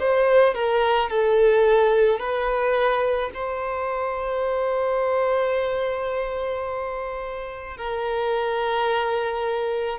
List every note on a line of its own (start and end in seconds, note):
0.00 0.55 C5
0.55 1.10 A#4
1.10 2.20 A4
2.20 3.31 B4
3.34 7.78 C5
7.78 9.99 A#4